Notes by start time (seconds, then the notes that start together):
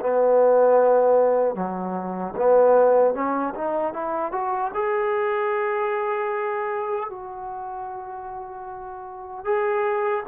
0.00 B3
1.55 F#3
2.36 B3
3.14 C#4
3.54 D#4
3.93 E4
4.32 F#4
4.74 G#4
7.09 F#4
9.44 G#4